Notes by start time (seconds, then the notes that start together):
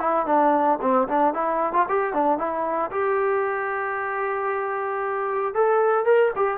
0.00 E4
0.26 D4
0.82 C4
1.08 D4
1.34 E4
1.73 F4
1.89 G4
2.13 D4
2.38 E4
2.91 G4
5.54 A4
6.05 A#4
6.36 G4